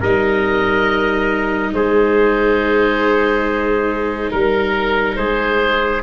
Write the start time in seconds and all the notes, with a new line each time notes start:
0.00 G3 D#4 A#4 D#5
1.73 G#3 G#4 C5
4.31 G3 A#4
5.16 G#3 G#4 C5